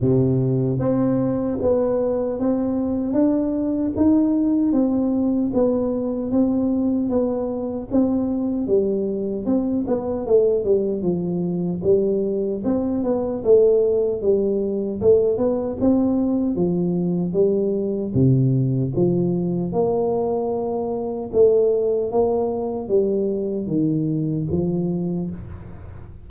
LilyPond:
\new Staff \with { instrumentName = "tuba" } { \time 4/4 \tempo 4 = 76 c4 c'4 b4 c'4 | d'4 dis'4 c'4 b4 | c'4 b4 c'4 g4 | c'8 b8 a8 g8 f4 g4 |
c'8 b8 a4 g4 a8 b8 | c'4 f4 g4 c4 | f4 ais2 a4 | ais4 g4 dis4 f4 | }